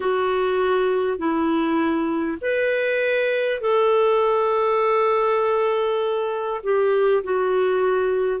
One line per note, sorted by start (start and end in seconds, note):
0.00 1.17 F#4
1.17 2.37 E4
2.41 3.60 B4
3.60 6.60 A4
6.63 7.23 G4
7.23 8.40 F#4